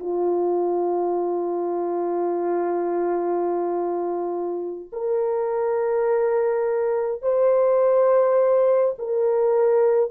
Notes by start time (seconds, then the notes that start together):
0.00 F4
4.92 A#4
7.22 C5
8.98 A#4